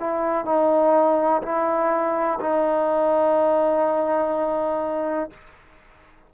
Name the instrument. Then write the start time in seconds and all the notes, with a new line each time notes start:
trombone
0.00 E4
0.45 D#4
1.43 E4
2.40 D#4